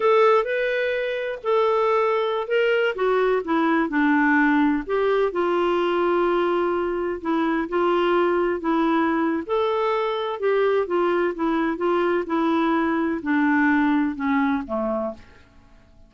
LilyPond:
\new Staff \with { instrumentName = "clarinet" } { \time 4/4 \tempo 4 = 127 a'4 b'2 a'4~ | a'4~ a'16 ais'4 fis'4 e'8.~ | e'16 d'2 g'4 f'8.~ | f'2.~ f'16 e'8.~ |
e'16 f'2 e'4.~ e'16 | a'2 g'4 f'4 | e'4 f'4 e'2 | d'2 cis'4 a4 | }